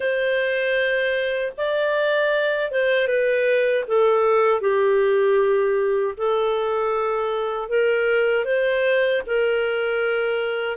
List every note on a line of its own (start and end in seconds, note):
0.00 1.52 C5
1.57 2.71 D5
2.71 3.07 C5
3.07 3.84 B4
3.87 4.60 A4
4.60 6.14 G4
6.17 7.69 A4
7.69 8.44 A#4
8.44 9.21 C5
9.26 10.77 A#4